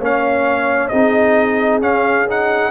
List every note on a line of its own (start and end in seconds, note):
0.00 0.91 A#3
0.00 0.92 C#4
0.00 0.91 C#5
0.00 0.89 F5
0.89 1.81 C4
0.89 1.81 D#4
0.89 2.72 G#4
0.89 1.80 D#5
1.81 2.27 C#4
1.81 2.72 C#4
1.81 2.28 F5
2.27 2.72 D#4
2.27 2.72 F#5